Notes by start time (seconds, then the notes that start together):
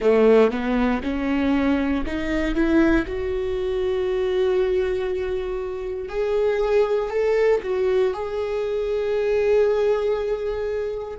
0.00 A3
0.50 B3
1.03 C#4
2.06 D#4
2.54 E4
3.06 F#4
6.08 G#4
7.10 A4
7.62 F#4
8.13 G#4